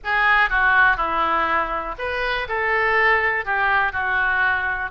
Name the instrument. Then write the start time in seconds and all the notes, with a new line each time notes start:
oboe
0.04 G#4
0.49 F#4
0.97 E4
1.98 B4
2.48 A4
3.45 G4
3.92 F#4